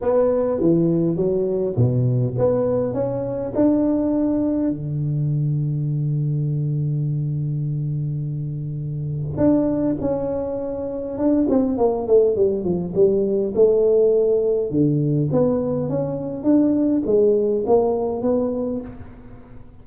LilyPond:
\new Staff \with { instrumentName = "tuba" } { \time 4/4 \tempo 4 = 102 b4 e4 fis4 b,4 | b4 cis'4 d'2 | d1~ | d1 |
d'4 cis'2 d'8 c'8 | ais8 a8 g8 f8 g4 a4~ | a4 d4 b4 cis'4 | d'4 gis4 ais4 b4 | }